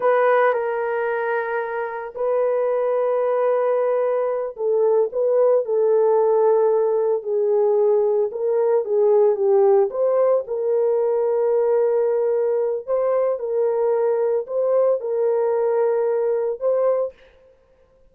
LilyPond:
\new Staff \with { instrumentName = "horn" } { \time 4/4 \tempo 4 = 112 b'4 ais'2. | b'1~ | b'8 a'4 b'4 a'4.~ | a'4. gis'2 ais'8~ |
ais'8 gis'4 g'4 c''4 ais'8~ | ais'1 | c''4 ais'2 c''4 | ais'2. c''4 | }